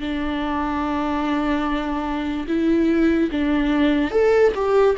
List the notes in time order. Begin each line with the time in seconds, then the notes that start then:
0.00 D4
2.48 E4
3.31 D4
4.11 A4
4.55 G4